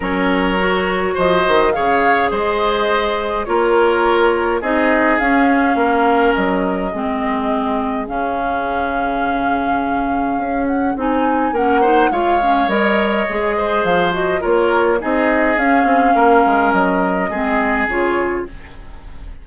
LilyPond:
<<
  \new Staff \with { instrumentName = "flute" } { \time 4/4 \tempo 4 = 104 cis''2 dis''4 f''4 | dis''2 cis''2 | dis''4 f''2 dis''4~ | dis''2 f''2~ |
f''2~ f''8 fis''8 gis''4 | fis''4 f''4 dis''2 | f''8 dis''8 cis''4 dis''4 f''4~ | f''4 dis''2 cis''4 | }
  \new Staff \with { instrumentName = "oboe" } { \time 4/4 ais'2 c''4 cis''4 | c''2 ais'2 | gis'2 ais'2 | gis'1~ |
gis'1 | ais'8 c''8 cis''2~ cis''8 c''8~ | c''4 ais'4 gis'2 | ais'2 gis'2 | }
  \new Staff \with { instrumentName = "clarinet" } { \time 4/4 cis'4 fis'2 gis'4~ | gis'2 f'2 | dis'4 cis'2. | c'2 cis'2~ |
cis'2. dis'4 | cis'8 dis'8 f'8 cis'8 ais'4 gis'4~ | gis'8 fis'8 f'4 dis'4 cis'4~ | cis'2 c'4 f'4 | }
  \new Staff \with { instrumentName = "bassoon" } { \time 4/4 fis2 f8 dis8 cis4 | gis2 ais2 | c'4 cis'4 ais4 fis4 | gis2 cis2~ |
cis2 cis'4 c'4 | ais4 gis4 g4 gis4 | f4 ais4 c'4 cis'8 c'8 | ais8 gis8 fis4 gis4 cis4 | }
>>